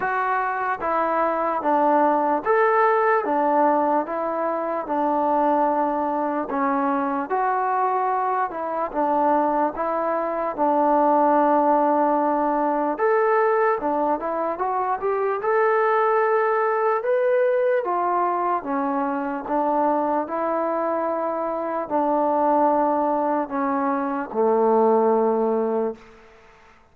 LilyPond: \new Staff \with { instrumentName = "trombone" } { \time 4/4 \tempo 4 = 74 fis'4 e'4 d'4 a'4 | d'4 e'4 d'2 | cis'4 fis'4. e'8 d'4 | e'4 d'2. |
a'4 d'8 e'8 fis'8 g'8 a'4~ | a'4 b'4 f'4 cis'4 | d'4 e'2 d'4~ | d'4 cis'4 a2 | }